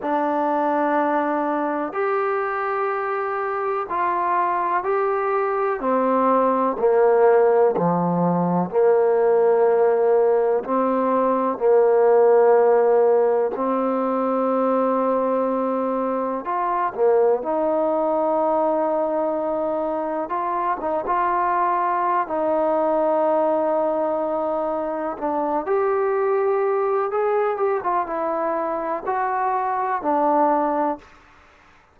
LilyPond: \new Staff \with { instrumentName = "trombone" } { \time 4/4 \tempo 4 = 62 d'2 g'2 | f'4 g'4 c'4 ais4 | f4 ais2 c'4 | ais2 c'2~ |
c'4 f'8 ais8 dis'2~ | dis'4 f'8 dis'16 f'4~ f'16 dis'4~ | dis'2 d'8 g'4. | gis'8 g'16 f'16 e'4 fis'4 d'4 | }